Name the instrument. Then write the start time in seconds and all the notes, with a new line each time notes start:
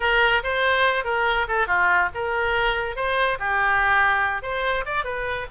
oboe
0.00 A#4
0.43 C5
1.04 A#4
1.48 A4
1.67 F4
2.14 A#4
2.96 C5
3.39 G4
4.42 C5
4.85 D5
5.04 B4